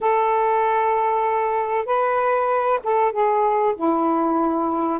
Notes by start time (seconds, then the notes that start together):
0.00 A4
1.85 B4
2.83 A4
3.11 G#4
3.76 E4